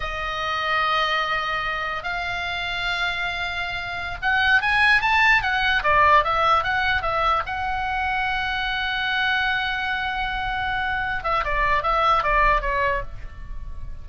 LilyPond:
\new Staff \with { instrumentName = "oboe" } { \time 4/4 \tempo 4 = 147 dis''1~ | dis''4 f''2.~ | f''2~ f''16 fis''4 gis''8.~ | gis''16 a''4 fis''4 d''4 e''8.~ |
e''16 fis''4 e''4 fis''4.~ fis''16~ | fis''1~ | fis''2.~ fis''8 e''8 | d''4 e''4 d''4 cis''4 | }